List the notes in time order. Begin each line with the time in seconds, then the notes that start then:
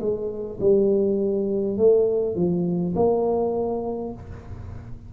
0.00 G#3
0.60 G3
1.77 A3
2.35 F3
2.95 A#3